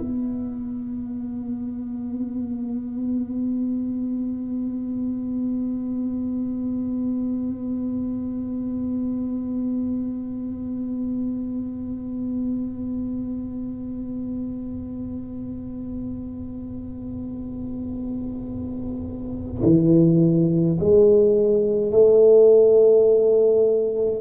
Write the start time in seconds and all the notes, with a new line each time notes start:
0.00 B3
19.63 E3
20.80 G#3
21.92 A3